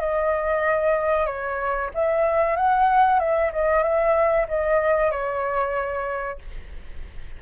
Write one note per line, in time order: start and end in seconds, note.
0.00 1.26 D#5
1.26 1.90 C#5
1.94 2.56 E5
2.56 3.19 F#5
3.19 3.51 E5
3.53 3.83 D#5
3.83 4.47 E5
4.48 5.11 D#5
5.11 6.39 C#5